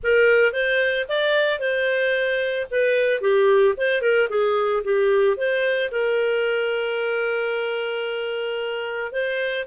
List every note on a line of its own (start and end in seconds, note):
0.03 0.52 A#4
0.52 1.06 C5
1.08 1.59 D5
1.59 2.66 C5
2.70 3.21 B4
3.21 3.75 G4
3.77 4.01 C5
4.01 4.28 A#4
4.29 4.82 G#4
4.84 5.36 G4
5.36 5.90 C5
5.91 9.12 A#4
9.12 9.65 C5